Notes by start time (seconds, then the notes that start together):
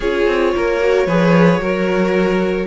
0.00 C#4 F4 G#4 C#5
0.26 C4
0.55 A#3 A#4
0.80 F#4
1.06 F3 G#4 B4
1.59 F#3 F#4 A#4